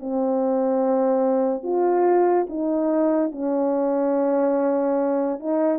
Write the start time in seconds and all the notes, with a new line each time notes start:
0.00 C4
1.63 F4
2.49 D#4
3.31 C#4
5.39 D#4